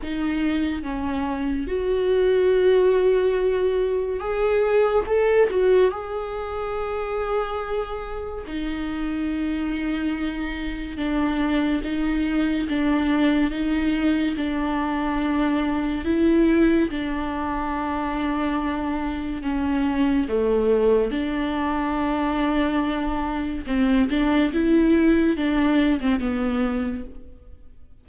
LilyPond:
\new Staff \with { instrumentName = "viola" } { \time 4/4 \tempo 4 = 71 dis'4 cis'4 fis'2~ | fis'4 gis'4 a'8 fis'8 gis'4~ | gis'2 dis'2~ | dis'4 d'4 dis'4 d'4 |
dis'4 d'2 e'4 | d'2. cis'4 | a4 d'2. | c'8 d'8 e'4 d'8. c'16 b4 | }